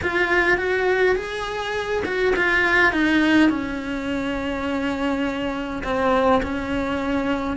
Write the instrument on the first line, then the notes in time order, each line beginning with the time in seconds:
cello
0.02 F4
0.57 F#4
1.15 G#4
2.05 F#4
2.35 F4
2.92 D#4
3.49 C#4
5.83 C4
6.42 C#4